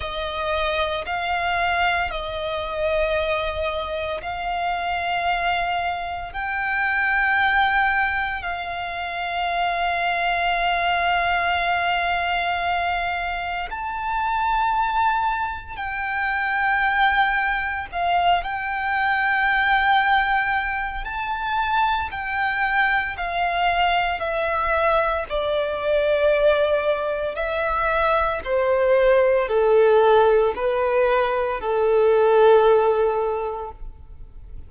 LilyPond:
\new Staff \with { instrumentName = "violin" } { \time 4/4 \tempo 4 = 57 dis''4 f''4 dis''2 | f''2 g''2 | f''1~ | f''4 a''2 g''4~ |
g''4 f''8 g''2~ g''8 | a''4 g''4 f''4 e''4 | d''2 e''4 c''4 | a'4 b'4 a'2 | }